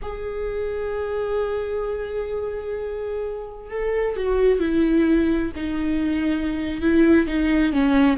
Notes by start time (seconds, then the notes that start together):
0.02 G#4
3.70 A4
4.16 F#4
4.59 E4
5.55 D#4
6.81 E4
7.27 D#4
7.72 C#4